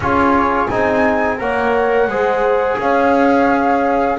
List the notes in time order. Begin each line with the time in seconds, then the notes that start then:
0.00 C#4 F4 G#4 C#5
0.68 C4 D#4 G#5
1.38 A#3 A#4 C#5 F#5
2.07 G#3 G#4 C5
2.77 C#4 C#5 F5